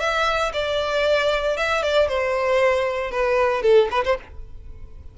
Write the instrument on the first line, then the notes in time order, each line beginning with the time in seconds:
violin
0.00 E5
0.53 D5
1.57 E5
1.83 D5
2.08 C5
3.11 B4
3.63 A4
3.91 B4
4.05 C5